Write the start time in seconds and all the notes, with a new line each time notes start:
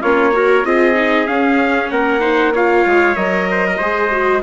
0.00 A#3 C#4 F4 C#5
0.32 F#4 A#4
0.64 C4 F4 G#4 D#5
0.94 D#4
1.26 C#4 F5
1.90 A#3 A#4 F#5
2.20 D#4 C5
2.53 F4 C#5 F5
2.85 G#3
3.15 F#3 A#4 D#5
3.51 C5
3.66 A#4
3.77 G#3 G#4 C5
4.11 F#4